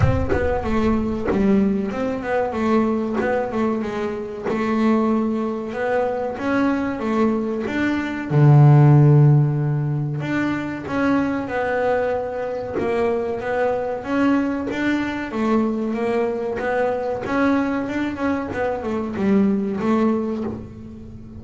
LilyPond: \new Staff \with { instrumentName = "double bass" } { \time 4/4 \tempo 4 = 94 c'8 b8 a4 g4 c'8 b8 | a4 b8 a8 gis4 a4~ | a4 b4 cis'4 a4 | d'4 d2. |
d'4 cis'4 b2 | ais4 b4 cis'4 d'4 | a4 ais4 b4 cis'4 | d'8 cis'8 b8 a8 g4 a4 | }